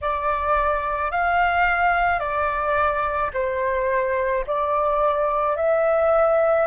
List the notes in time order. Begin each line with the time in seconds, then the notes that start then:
0.01 D5
1.11 F5
2.19 D5
3.33 C5
4.46 D5
5.56 E5